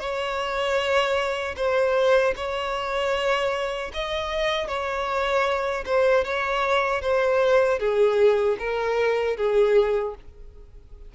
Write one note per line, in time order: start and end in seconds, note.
0.00 1.56 C#5
1.57 2.35 C5
2.36 3.92 C#5
3.94 4.68 D#5
4.68 5.85 C#5
5.86 6.25 C5
6.25 7.02 C#5
7.02 7.80 C5
7.80 8.57 G#4
8.59 9.37 A#4
9.37 10.15 G#4